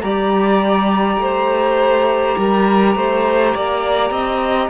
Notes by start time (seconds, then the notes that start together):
0.00 G3 G4 D5 A#5
1.17 A3 C5
2.38 G3 A#4
2.95 A3 C5
3.55 A#3 D5
4.11 C4 D#5